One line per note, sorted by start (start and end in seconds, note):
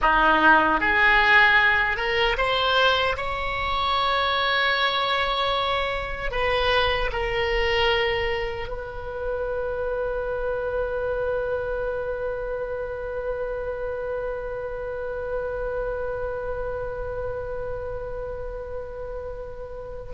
0.01 0.80 D#4
0.80 1.97 G#4
1.97 2.36 A#4
2.37 3.16 C5
3.16 6.31 C#5
6.31 7.10 B4
7.12 8.68 A#4
8.68 20.12 B4